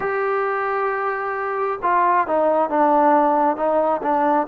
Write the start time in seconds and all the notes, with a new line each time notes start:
0.00 G4
1.82 F4
2.27 D#4
2.69 D4
3.56 D#4
4.02 D4